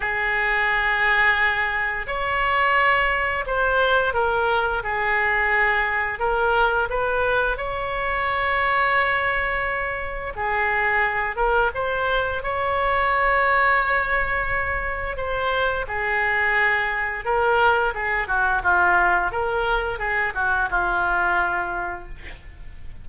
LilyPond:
\new Staff \with { instrumentName = "oboe" } { \time 4/4 \tempo 4 = 87 gis'2. cis''4~ | cis''4 c''4 ais'4 gis'4~ | gis'4 ais'4 b'4 cis''4~ | cis''2. gis'4~ |
gis'8 ais'8 c''4 cis''2~ | cis''2 c''4 gis'4~ | gis'4 ais'4 gis'8 fis'8 f'4 | ais'4 gis'8 fis'8 f'2 | }